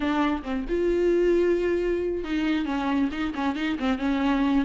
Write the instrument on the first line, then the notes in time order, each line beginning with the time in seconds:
viola
0.00 D4
0.42 C4
0.68 F4
2.24 D#4
2.65 C#4
3.11 D#4
3.35 C#4
3.55 D#4
3.79 C4
3.98 C#4